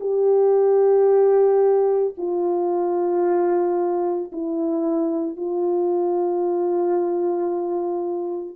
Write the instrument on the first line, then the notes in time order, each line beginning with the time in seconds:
horn
0.00 G4
2.17 F4
4.32 E4
5.36 F4